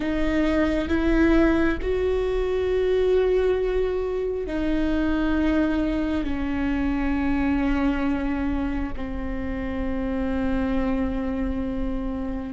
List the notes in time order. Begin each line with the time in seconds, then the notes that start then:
0.00 D#4
0.88 E4
1.81 F#4
4.46 D#4
6.24 C#4
8.96 C4